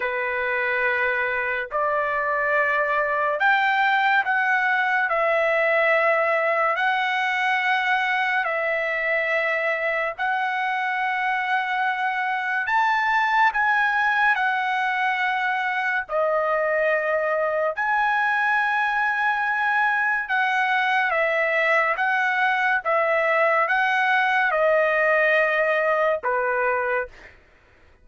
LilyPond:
\new Staff \with { instrumentName = "trumpet" } { \time 4/4 \tempo 4 = 71 b'2 d''2 | g''4 fis''4 e''2 | fis''2 e''2 | fis''2. a''4 |
gis''4 fis''2 dis''4~ | dis''4 gis''2. | fis''4 e''4 fis''4 e''4 | fis''4 dis''2 b'4 | }